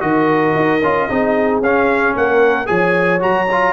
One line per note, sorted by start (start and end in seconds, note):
0.00 0.55 D#3
0.00 0.80 F#4
0.00 1.10 A#4
0.00 1.60 D#5
0.56 0.82 D#4
0.82 1.09 C#4
0.82 1.09 F4
1.09 1.61 C4
1.09 1.62 D#4
1.09 2.17 G#4
1.61 2.14 C#4
1.61 2.66 C#4
1.61 2.16 F5
2.16 2.69 A#3
2.16 2.69 A#4
2.16 2.67 F#5
2.66 3.22 F3
2.66 3.19 G#4
2.66 3.72 C#5
2.66 3.20 G#5
3.20 3.72 F#3
3.20 3.46 F#4
3.20 3.72 A#5
3.52 3.72 F4